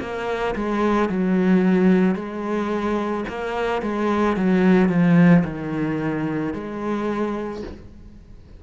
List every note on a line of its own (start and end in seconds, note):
0.00 0.55 A#3
0.55 1.09 G#3
1.09 2.15 F#3
2.15 3.24 G#3
3.28 3.82 A#3
3.82 4.36 G#3
4.36 4.89 F#3
4.89 5.43 F3
5.44 6.54 D#3
6.54 7.63 G#3